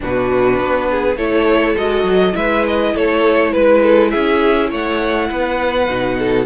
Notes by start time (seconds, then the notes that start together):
0.00 B2 D4 F#4 B4
0.58 B3
0.90 G#4
1.16 A3 E4 A4 C#5
1.77 G#3 F#4 D#5
2.03 F#3
2.32 G#3 E4 B4 E5
2.67 D#5
2.94 A3 A4 C#5
3.52 G#3 B4
3.82 A4
4.10 C#4 G#4 E5
4.69 A3 C#5 F#5
5.28 B3 B4
5.87 B2 D#4
6.19 A4